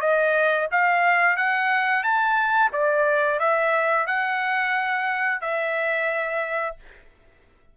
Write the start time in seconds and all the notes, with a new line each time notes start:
0.00 D#5
0.71 F5
1.36 F#5
2.03 A5
2.72 D5
3.39 E5
4.06 F#5
5.41 E5